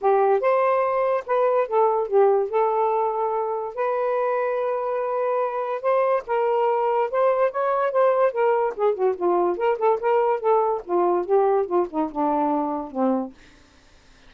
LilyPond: \new Staff \with { instrumentName = "saxophone" } { \time 4/4 \tempo 4 = 144 g'4 c''2 b'4 | a'4 g'4 a'2~ | a'4 b'2.~ | b'2 c''4 ais'4~ |
ais'4 c''4 cis''4 c''4 | ais'4 gis'8 fis'8 f'4 ais'8 a'8 | ais'4 a'4 f'4 g'4 | f'8 dis'8 d'2 c'4 | }